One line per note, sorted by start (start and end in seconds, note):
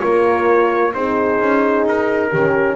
0.00 0.95 A#3
0.00 0.92 F4
0.00 0.93 A#4
0.00 0.93 C#5
0.94 1.41 C4
0.94 2.34 D#4
0.94 2.30 G#4
0.94 1.87 C5
1.41 1.86 C#4
1.86 2.32 D#4
1.86 2.76 A#4
2.30 2.76 D#3
2.30 2.76 C#4
2.30 2.76 G4